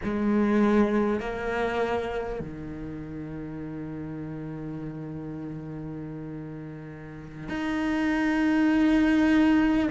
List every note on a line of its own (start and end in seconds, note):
0.03 1.20 G#3
1.20 2.39 A#3
2.39 7.48 D#3
7.48 9.88 D#4